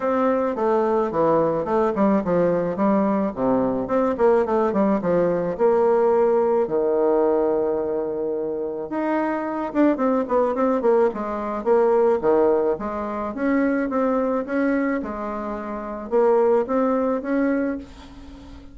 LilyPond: \new Staff \with { instrumentName = "bassoon" } { \time 4/4 \tempo 4 = 108 c'4 a4 e4 a8 g8 | f4 g4 c4 c'8 ais8 | a8 g8 f4 ais2 | dis1 |
dis'4. d'8 c'8 b8 c'8 ais8 | gis4 ais4 dis4 gis4 | cis'4 c'4 cis'4 gis4~ | gis4 ais4 c'4 cis'4 | }